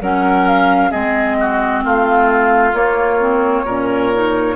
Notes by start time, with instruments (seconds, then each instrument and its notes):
0.00 bassoon F#3, clarinet C#4, oboe A#4, flute F#5
0.47 flute F5
0.90 bassoon G#3, clarinet C4, oboe G#4, flute D#5
1.40 oboe F#4
1.84 bassoon A3, oboe F4, flute F5
2.73 bassoon A#3, clarinet A#3, flute C#5
3.19 clarinet C4
3.64 bassoon A#2, clarinet C#4, oboe A#4
4.13 clarinet D#4